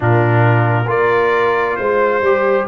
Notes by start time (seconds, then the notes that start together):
0.00 A#2 D4 F4 A#4
0.87 A#3 F4 A#4 D5
1.76 G#3 C5
2.21 G3 G4